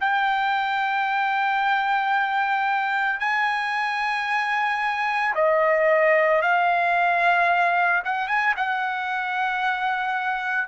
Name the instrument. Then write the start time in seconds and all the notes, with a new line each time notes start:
trumpet
0.00 G5
3.19 G#5
5.35 D#5
6.41 F5
8.05 F#5
8.27 G#5
8.56 F#5